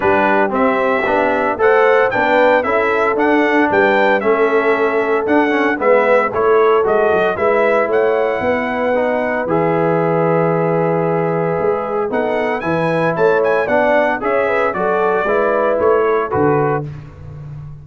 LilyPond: <<
  \new Staff \with { instrumentName = "trumpet" } { \time 4/4 \tempo 4 = 114 b'4 e''2 fis''4 | g''4 e''4 fis''4 g''4 | e''2 fis''4 e''4 | cis''4 dis''4 e''4 fis''4~ |
fis''2 e''2~ | e''2. fis''4 | gis''4 a''8 gis''8 fis''4 e''4 | d''2 cis''4 b'4 | }
  \new Staff \with { instrumentName = "horn" } { \time 4/4 g'2. c''4 | b'4 a'2 b'4 | a'2. b'4 | a'2 b'4 cis''4 |
b'1~ | b'2. a'4 | b'4 cis''4 d''4 cis''8 b'8 | a'4 b'4. a'4. | }
  \new Staff \with { instrumentName = "trombone" } { \time 4/4 d'4 c'4 d'4 a'4 | d'4 e'4 d'2 | cis'2 d'8 cis'8 b4 | e'4 fis'4 e'2~ |
e'4 dis'4 gis'2~ | gis'2. dis'4 | e'2 d'4 gis'4 | fis'4 e'2 fis'4 | }
  \new Staff \with { instrumentName = "tuba" } { \time 4/4 g4 c'4 b4 a4 | b4 cis'4 d'4 g4 | a2 d'4 gis4 | a4 gis8 fis8 gis4 a4 |
b2 e2~ | e2 gis4 b4 | e4 a4 b4 cis'4 | fis4 gis4 a4 d4 | }
>>